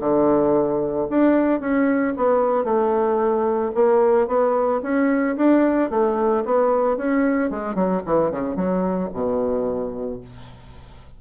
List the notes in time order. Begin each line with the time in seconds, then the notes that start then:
0.00 D3
1.09 D4
1.60 C#4
2.16 B3
2.64 A3
3.75 A#3
4.27 B3
4.82 C#4
5.36 D4
5.90 A3
6.45 B3
6.97 C#4
7.50 G#3
7.75 F#3
8.05 E3
8.31 C#3
8.56 F#3
9.13 B2